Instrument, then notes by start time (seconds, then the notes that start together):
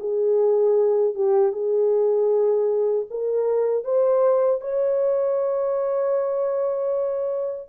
horn
0.00 G#4
1.15 G4
1.53 G#4
3.10 A#4
3.85 C5
4.61 C#5